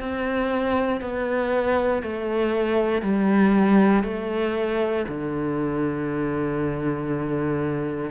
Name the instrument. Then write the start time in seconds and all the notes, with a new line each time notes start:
cello
0.00 C4
1.02 B3
2.03 A3
3.02 G3
4.04 A3
5.08 D3